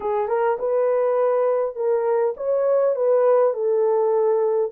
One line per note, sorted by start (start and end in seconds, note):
0.00 0.28 G#4
0.28 0.57 A#4
0.59 1.75 B4
1.75 2.34 A#4
2.36 2.95 C#5
2.95 3.53 B4
3.53 4.71 A4